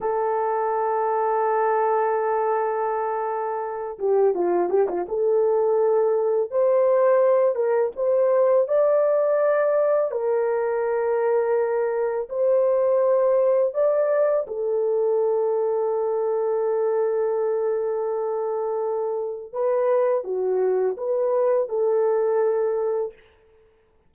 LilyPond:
\new Staff \with { instrumentName = "horn" } { \time 4/4 \tempo 4 = 83 a'1~ | a'4. g'8 f'8 g'16 f'16 a'4~ | a'4 c''4. ais'8 c''4 | d''2 ais'2~ |
ais'4 c''2 d''4 | a'1~ | a'2. b'4 | fis'4 b'4 a'2 | }